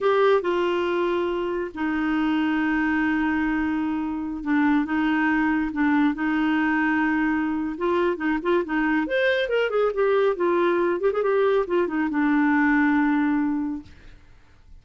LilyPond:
\new Staff \with { instrumentName = "clarinet" } { \time 4/4 \tempo 4 = 139 g'4 f'2. | dis'1~ | dis'2~ dis'16 d'4 dis'8.~ | dis'4~ dis'16 d'4 dis'4.~ dis'16~ |
dis'2 f'4 dis'8 f'8 | dis'4 c''4 ais'8 gis'8 g'4 | f'4. g'16 gis'16 g'4 f'8 dis'8 | d'1 | }